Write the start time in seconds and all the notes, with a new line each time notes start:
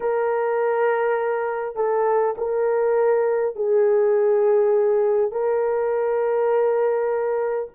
0.00 A#4
1.75 A4
2.37 A#4
3.55 G#4
5.31 A#4